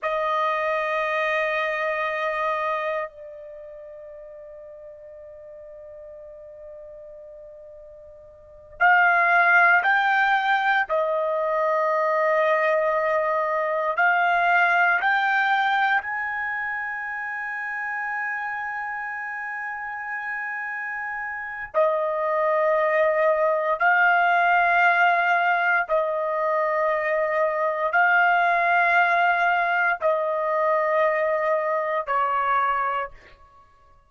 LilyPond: \new Staff \with { instrumentName = "trumpet" } { \time 4/4 \tempo 4 = 58 dis''2. d''4~ | d''1~ | d''8 f''4 g''4 dis''4.~ | dis''4. f''4 g''4 gis''8~ |
gis''1~ | gis''4 dis''2 f''4~ | f''4 dis''2 f''4~ | f''4 dis''2 cis''4 | }